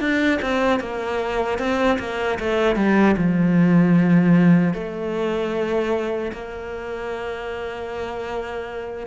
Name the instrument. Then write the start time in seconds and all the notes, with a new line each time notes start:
cello
0.00 D4
0.42 C4
0.80 A#3
1.59 C4
1.99 A#3
2.39 A3
2.76 G3
3.17 F3
4.74 A3
6.33 A#3